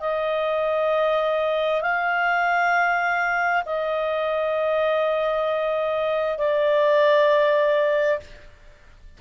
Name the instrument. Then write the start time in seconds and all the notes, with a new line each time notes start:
clarinet
0.00 D#5
1.81 F5
3.65 D#5
6.38 D5